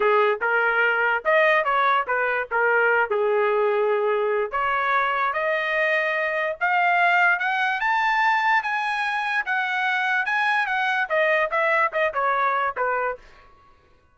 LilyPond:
\new Staff \with { instrumentName = "trumpet" } { \time 4/4 \tempo 4 = 146 gis'4 ais'2 dis''4 | cis''4 b'4 ais'4. gis'8~ | gis'2. cis''4~ | cis''4 dis''2. |
f''2 fis''4 a''4~ | a''4 gis''2 fis''4~ | fis''4 gis''4 fis''4 dis''4 | e''4 dis''8 cis''4. b'4 | }